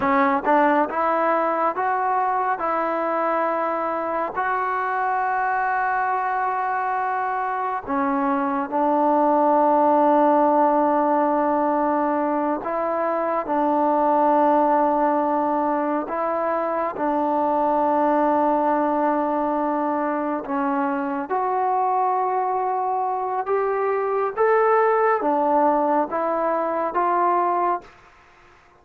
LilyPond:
\new Staff \with { instrumentName = "trombone" } { \time 4/4 \tempo 4 = 69 cis'8 d'8 e'4 fis'4 e'4~ | e'4 fis'2.~ | fis'4 cis'4 d'2~ | d'2~ d'8 e'4 d'8~ |
d'2~ d'8 e'4 d'8~ | d'2.~ d'8 cis'8~ | cis'8 fis'2~ fis'8 g'4 | a'4 d'4 e'4 f'4 | }